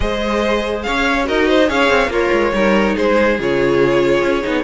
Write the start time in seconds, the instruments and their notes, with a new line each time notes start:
0.00 cello G#3, viola G#4, violin C5 D#5
0.82 cello C#4, violin C#5 F5
1.24 cello D#4, viola F#4, violin A#4 D#5
1.48 violin C5
1.67 cello C#4, viola G#4, violin C#5 F5
1.90 cello C4
2.07 cello A#3, violin F4 C#5, viola A#4
2.31 cello G#3
2.53 cello G3, viola D#4, violin A#4
2.95 cello G#3, violin G#4 C5
3.39 cello C#3, viola F4, violin C#5
4.22 cello C#4
4.42 cello B3, viola D#4